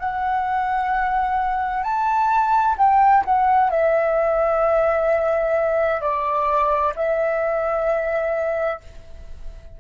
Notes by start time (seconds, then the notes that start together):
0.00 F#5
1.84 A5
2.78 G5
3.26 F#5
3.71 E5
6.02 D5
6.96 E5